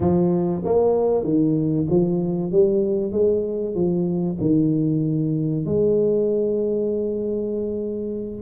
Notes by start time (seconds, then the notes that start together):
0.00 F3
0.64 A#3
1.23 D#3
1.89 F3
2.51 G3
3.12 G#3
3.74 F3
4.40 D#3
5.65 G#3